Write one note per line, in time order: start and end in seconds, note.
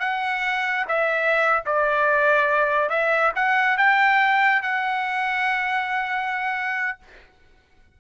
0.00 0.86 F#5
0.88 1.63 E5
1.66 2.90 D5
2.90 3.33 E5
3.36 3.78 F#5
3.78 4.63 G5
4.63 6.98 F#5